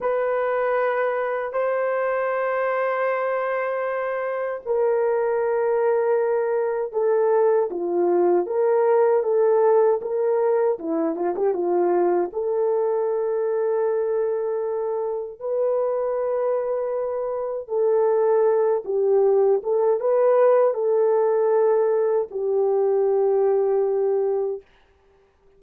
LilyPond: \new Staff \with { instrumentName = "horn" } { \time 4/4 \tempo 4 = 78 b'2 c''2~ | c''2 ais'2~ | ais'4 a'4 f'4 ais'4 | a'4 ais'4 e'8 f'16 g'16 f'4 |
a'1 | b'2. a'4~ | a'8 g'4 a'8 b'4 a'4~ | a'4 g'2. | }